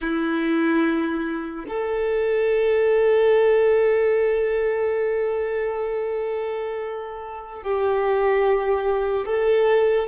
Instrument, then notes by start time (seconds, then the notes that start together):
violin
0.01 E4
1.67 A4
7.63 G4
9.25 A4